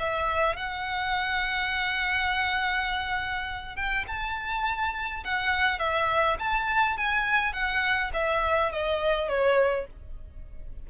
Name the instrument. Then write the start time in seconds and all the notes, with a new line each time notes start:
violin
0.00 E5
0.57 F#5
3.76 G5
4.08 A5
5.25 F#5
5.80 E5
6.39 A5
6.97 G#5
7.53 F#5
8.14 E5
8.72 D#5
9.29 C#5